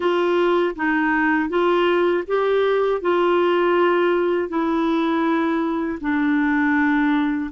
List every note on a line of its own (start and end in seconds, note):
0.00 0.75 F4
0.75 1.49 D#4
1.49 2.24 F4
2.27 3.01 G4
3.01 4.49 F4
4.49 5.99 E4
6.00 7.50 D4